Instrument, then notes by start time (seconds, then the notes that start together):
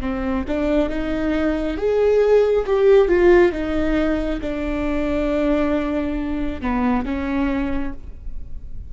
viola
0.00 C4
0.47 D4
0.89 D#4
1.77 G#4
2.66 G4
3.08 F4
3.52 D#4
4.41 D4
6.61 B3
7.05 C#4